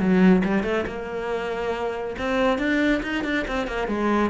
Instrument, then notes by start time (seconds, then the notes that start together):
cello
0.00 F#3
0.45 G3
0.64 A3
0.87 A#3
2.19 C4
2.59 D4
3.03 D#4
3.25 D4
3.48 C4
3.67 A#3
3.88 G#3